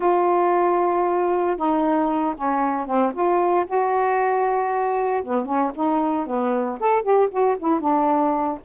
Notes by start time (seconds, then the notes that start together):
0.00 F4
1.56 D#4
2.35 C#4
2.86 C4
3.13 F4
3.66 F#4
5.23 B3
5.45 C#4
5.74 D#4
6.26 B3
6.79 A4
7.02 G4
7.30 F#4
7.58 E4
7.80 D4